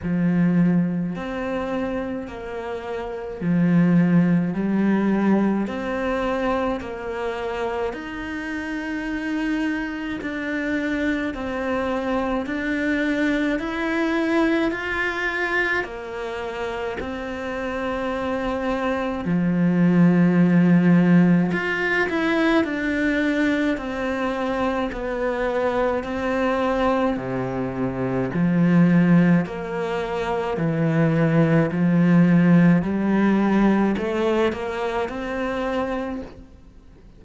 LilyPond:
\new Staff \with { instrumentName = "cello" } { \time 4/4 \tempo 4 = 53 f4 c'4 ais4 f4 | g4 c'4 ais4 dis'4~ | dis'4 d'4 c'4 d'4 | e'4 f'4 ais4 c'4~ |
c'4 f2 f'8 e'8 | d'4 c'4 b4 c'4 | c4 f4 ais4 e4 | f4 g4 a8 ais8 c'4 | }